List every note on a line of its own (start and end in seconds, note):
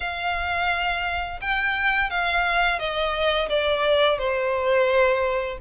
0.00 1.40 F5
1.41 2.09 G5
2.09 2.79 F5
2.79 3.49 D#5
3.49 4.18 D5
4.18 5.58 C5